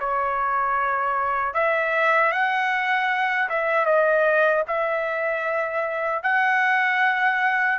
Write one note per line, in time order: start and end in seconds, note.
0.00 1.54 C#5
1.54 2.32 E5
2.32 3.49 F#5
3.50 3.86 E5
3.86 4.64 D#5
4.68 6.23 E5
6.23 7.79 F#5